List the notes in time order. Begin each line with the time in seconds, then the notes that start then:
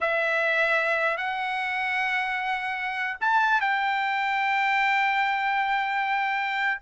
0.00 E5
1.17 F#5
3.20 A5
3.61 G5